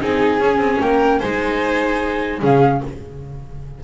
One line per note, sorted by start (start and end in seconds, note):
0.00 0.39 C4
0.00 0.40 D#4
0.00 0.81 G#4
0.00 0.81 G#5
0.39 0.57 C#4
0.39 1.21 C#4
0.57 0.77 C4
0.80 1.21 A#3
0.80 1.19 A#4
0.80 1.19 G5
1.19 2.42 G#3
1.19 2.41 D#4
1.19 2.40 C5
1.19 2.40 G#5
2.41 2.82 C#3
2.41 2.81 C#4
2.41 2.81 G#4
2.41 2.83 F5